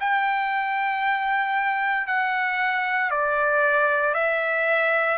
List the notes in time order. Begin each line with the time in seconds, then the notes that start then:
0.00 G5
2.07 F#5
3.10 D5
4.14 E5